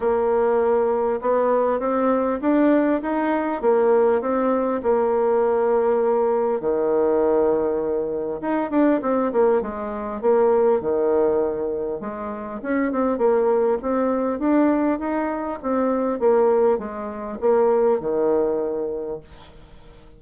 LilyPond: \new Staff \with { instrumentName = "bassoon" } { \time 4/4 \tempo 4 = 100 ais2 b4 c'4 | d'4 dis'4 ais4 c'4 | ais2. dis4~ | dis2 dis'8 d'8 c'8 ais8 |
gis4 ais4 dis2 | gis4 cis'8 c'8 ais4 c'4 | d'4 dis'4 c'4 ais4 | gis4 ais4 dis2 | }